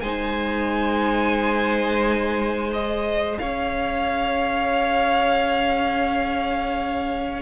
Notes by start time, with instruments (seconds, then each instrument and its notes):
0.00 cello G#3, viola D#4, violin C5 G#5
2.72 viola G#4, violin D#5
3.38 cello C#4, violin C#5 F5